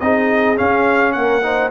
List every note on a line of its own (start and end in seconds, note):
0.00 0.58 C4
0.00 0.56 D#4
0.00 1.14 G#4
0.00 0.57 D#5
0.56 1.41 C#4
0.56 1.15 C#4
0.56 1.12 F5
1.12 1.71 A#3
1.12 1.43 A#4
1.12 1.70 F#5
1.42 1.71 D#4
1.42 1.71 C5